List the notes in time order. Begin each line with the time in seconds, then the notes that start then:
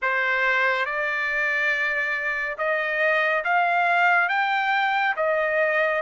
0.02 C5
0.85 D5
2.58 D#5
3.44 F5
4.29 G5
5.16 D#5